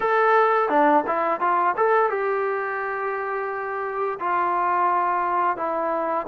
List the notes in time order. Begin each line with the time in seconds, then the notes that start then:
0.00 A4
0.69 D4
1.07 E4
1.40 F4
1.77 A4
2.09 G4
4.19 F4
5.56 E4